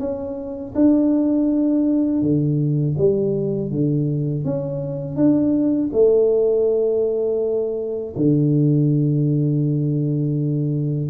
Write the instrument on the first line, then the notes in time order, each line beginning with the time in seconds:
tuba
0.00 C#4
0.75 D4
2.22 D3
2.98 G3
3.71 D3
4.45 C#4
5.16 D4
5.93 A3
8.16 D3